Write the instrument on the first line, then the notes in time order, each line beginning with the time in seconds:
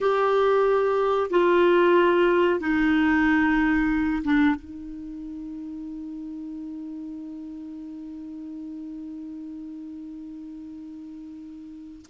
clarinet
0.00 G4
1.30 F4
2.59 D#4
4.24 D4
4.55 D#4